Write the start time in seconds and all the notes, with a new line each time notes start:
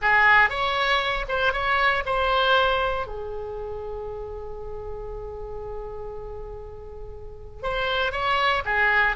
0.01 G#4
0.49 C#5
1.28 C5
1.53 C#5
2.05 C5
3.06 G#4
7.62 C5
8.12 C#5
8.65 G#4